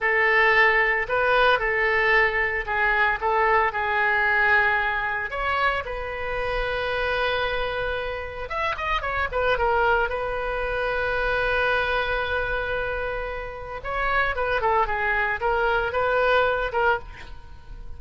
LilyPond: \new Staff \with { instrumentName = "oboe" } { \time 4/4 \tempo 4 = 113 a'2 b'4 a'4~ | a'4 gis'4 a'4 gis'4~ | gis'2 cis''4 b'4~ | b'1 |
e''8 dis''8 cis''8 b'8 ais'4 b'4~ | b'1~ | b'2 cis''4 b'8 a'8 | gis'4 ais'4 b'4. ais'8 | }